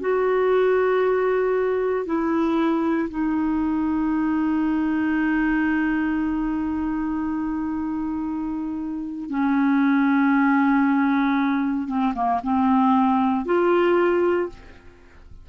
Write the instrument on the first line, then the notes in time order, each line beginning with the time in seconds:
clarinet
0.00 F#4
2.05 E4
3.10 D#4
9.30 C#4
11.88 C4
12.15 A#3
12.43 C4
13.45 F4